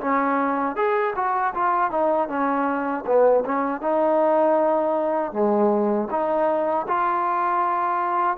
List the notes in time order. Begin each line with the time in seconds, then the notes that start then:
0.00 C#4
0.76 G#4
1.15 F#4
1.54 F4
1.90 D#4
2.28 C#4
3.06 B3
3.45 C#4
3.81 D#4
5.32 G#3
6.10 D#4
6.87 F4